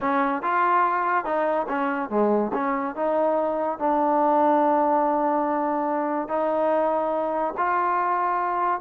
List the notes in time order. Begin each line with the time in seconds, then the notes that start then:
0.01 C#4
0.42 F4
1.24 D#4
1.68 C#4
2.09 G#3
2.53 C#4
2.95 D#4
3.78 D4
6.28 D#4
7.57 F4